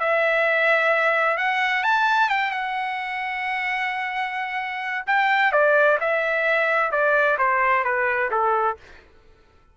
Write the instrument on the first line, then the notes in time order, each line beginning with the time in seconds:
trumpet
0.00 E5
1.38 F#5
1.84 A5
2.30 G5
2.51 F#5
5.07 G5
5.52 D5
6.01 E5
6.91 D5
7.38 C5
7.84 B4
8.31 A4